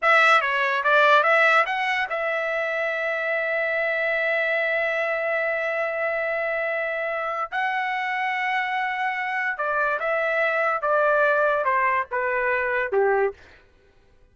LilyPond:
\new Staff \with { instrumentName = "trumpet" } { \time 4/4 \tempo 4 = 144 e''4 cis''4 d''4 e''4 | fis''4 e''2.~ | e''1~ | e''1~ |
e''2 fis''2~ | fis''2. d''4 | e''2 d''2 | c''4 b'2 g'4 | }